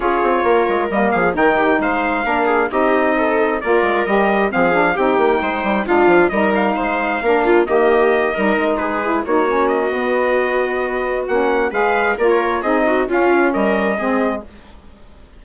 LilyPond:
<<
  \new Staff \with { instrumentName = "trumpet" } { \time 4/4 \tempo 4 = 133 cis''2 dis''8 f''8 g''4 | f''2 dis''2 | d''4 dis''4 f''4 g''4~ | g''4 f''4 dis''8 f''4.~ |
f''4 dis''2~ dis''8 b'8~ | b'8 cis''4 dis''2~ dis''8~ | dis''4 fis''4 f''4 d''16 cis''8. | dis''4 f''4 dis''2 | }
  \new Staff \with { instrumentName = "viola" } { \time 4/4 gis'4 ais'4. gis'8 ais'8 g'8 | c''4 ais'8 gis'8 g'4 a'4 | ais'2 gis'4 g'4 | c''4 f'4 ais'4 c''4 |
ais'8 f'8 g'4. ais'4 gis'8~ | gis'8 fis'2.~ fis'8~ | fis'2 b'4 ais'4 | gis'8 fis'8 f'4 ais'4 gis'4 | }
  \new Staff \with { instrumentName = "saxophone" } { \time 4/4 f'2 ais4 dis'4~ | dis'4 d'4 dis'2 | f'4 g'4 c'8 d'8 dis'4~ | dis'4 d'4 dis'2 |
d'4 ais4. dis'4. | e'8 dis'8 cis'4 b2~ | b4 cis'4 gis'4 f'4 | dis'4 cis'2 c'4 | }
  \new Staff \with { instrumentName = "bassoon" } { \time 4/4 cis'8 c'8 ais8 gis8 g8 f8 dis4 | gis4 ais4 c'2 | ais8 gis8 g4 f4 c'8 ais8 | gis8 g8 gis8 f8 g4 gis4 |
ais4 dis4. g8 gis4~ | gis8 ais4. b2~ | b4 ais4 gis4 ais4 | c'4 cis'4 g4 gis4 | }
>>